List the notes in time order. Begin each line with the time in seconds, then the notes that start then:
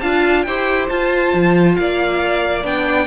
0.00 D4 F4 F5 A5
0.43 E4 G4 C5 G5
0.89 F4 A5
1.34 F3
1.76 A#3 D5 F5
2.63 B3 D4 G5